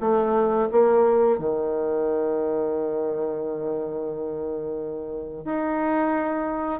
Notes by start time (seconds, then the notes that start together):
0.00 A3
0.72 A#3
1.38 D#3
5.45 D#4